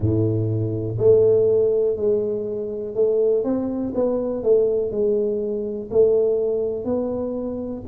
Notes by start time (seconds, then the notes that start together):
0.00 A2
0.98 A3
1.96 G#3
2.95 A3
3.44 C4
3.94 B3
4.43 A3
4.91 G#3
5.90 A3
6.84 B3